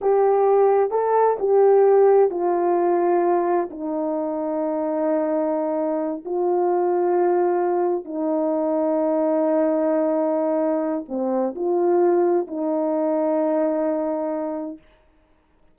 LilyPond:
\new Staff \with { instrumentName = "horn" } { \time 4/4 \tempo 4 = 130 g'2 a'4 g'4~ | g'4 f'2. | dis'1~ | dis'4. f'2~ f'8~ |
f'4. dis'2~ dis'8~ | dis'1 | c'4 f'2 dis'4~ | dis'1 | }